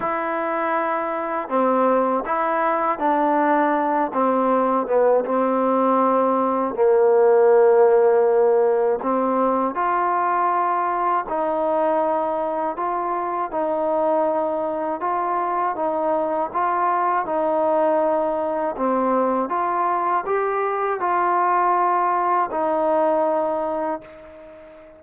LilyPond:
\new Staff \with { instrumentName = "trombone" } { \time 4/4 \tempo 4 = 80 e'2 c'4 e'4 | d'4. c'4 b8 c'4~ | c'4 ais2. | c'4 f'2 dis'4~ |
dis'4 f'4 dis'2 | f'4 dis'4 f'4 dis'4~ | dis'4 c'4 f'4 g'4 | f'2 dis'2 | }